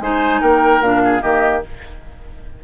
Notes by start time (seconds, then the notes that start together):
0.00 G#3 D#4 C5 G#5
0.41 A#3 A#4 G5
0.81 A#2 D4 F5
1.04 G#4
1.21 D#3 A#3 G4 D#5